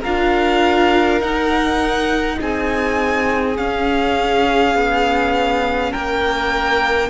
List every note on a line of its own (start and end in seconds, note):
0.00 1.21 D4
0.00 1.20 F4
0.00 2.35 A#4
0.00 1.21 F5
1.20 3.56 D#4
1.20 2.38 D#4
1.20 2.38 F#5
2.41 3.58 C4
2.41 5.91 G#4
2.41 3.57 G#5
3.57 7.10 C#4
3.57 4.75 C#4
3.57 5.92 F5
4.75 5.92 B3
5.91 7.10 A#3
5.91 7.09 A#4
5.91 7.10 G5